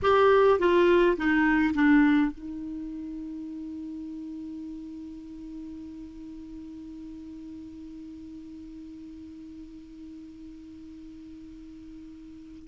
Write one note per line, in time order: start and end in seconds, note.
0.02 0.59 G4
0.59 1.16 F4
1.17 1.74 D#4
1.74 2.31 D4
2.31 12.68 D#4